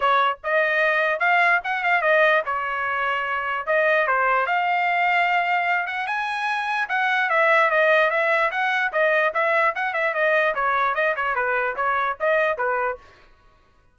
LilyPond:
\new Staff \with { instrumentName = "trumpet" } { \time 4/4 \tempo 4 = 148 cis''4 dis''2 f''4 | fis''8 f''8 dis''4 cis''2~ | cis''4 dis''4 c''4 f''4~ | f''2~ f''8 fis''8 gis''4~ |
gis''4 fis''4 e''4 dis''4 | e''4 fis''4 dis''4 e''4 | fis''8 e''8 dis''4 cis''4 dis''8 cis''8 | b'4 cis''4 dis''4 b'4 | }